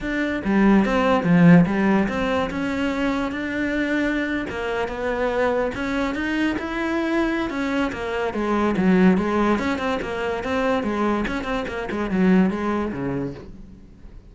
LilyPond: \new Staff \with { instrumentName = "cello" } { \time 4/4 \tempo 4 = 144 d'4 g4 c'4 f4 | g4 c'4 cis'2 | d'2~ d'8. ais4 b16~ | b4.~ b16 cis'4 dis'4 e'16~ |
e'2 cis'4 ais4 | gis4 fis4 gis4 cis'8 c'8 | ais4 c'4 gis4 cis'8 c'8 | ais8 gis8 fis4 gis4 cis4 | }